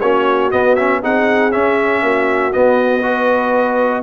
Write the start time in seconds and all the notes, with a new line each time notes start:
0.00 A#3 C#4 F#4 C#5
0.51 B3 D#5
0.75 C#4 E5
1.02 C4 D#4 G#4 F#5
1.51 C#4 E5
2.02 A#3 F#4
2.52 B3 D#5
3.02 F#4 B4